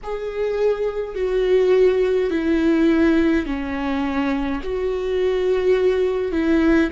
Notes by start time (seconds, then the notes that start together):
0.03 G#4
1.15 F#4
2.30 E4
3.46 C#4
4.63 F#4
6.31 E4